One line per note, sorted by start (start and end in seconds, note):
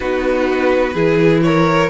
0.00 0.94 B3
0.00 0.95 D#4
0.00 0.93 F#4
0.00 1.41 B4
0.93 1.89 E3
0.93 1.89 E4
0.93 1.41 G#4
1.42 1.89 A#4
1.42 1.89 C#5